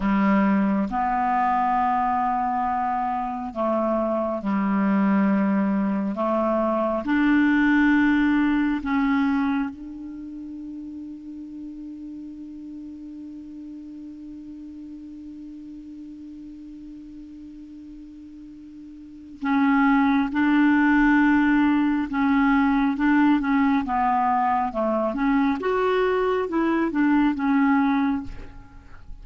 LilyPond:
\new Staff \with { instrumentName = "clarinet" } { \time 4/4 \tempo 4 = 68 g4 b2. | a4 g2 a4 | d'2 cis'4 d'4~ | d'1~ |
d'1~ | d'2 cis'4 d'4~ | d'4 cis'4 d'8 cis'8 b4 | a8 cis'8 fis'4 e'8 d'8 cis'4 | }